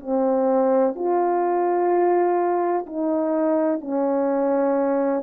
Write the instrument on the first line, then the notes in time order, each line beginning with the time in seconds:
horn
0.00 C4
0.95 F4
2.86 D#4
3.81 C#4